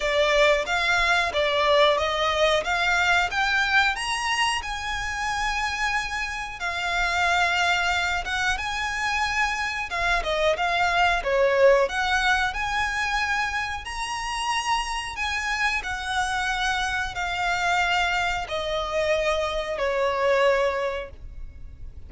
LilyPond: \new Staff \with { instrumentName = "violin" } { \time 4/4 \tempo 4 = 91 d''4 f''4 d''4 dis''4 | f''4 g''4 ais''4 gis''4~ | gis''2 f''2~ | f''8 fis''8 gis''2 f''8 dis''8 |
f''4 cis''4 fis''4 gis''4~ | gis''4 ais''2 gis''4 | fis''2 f''2 | dis''2 cis''2 | }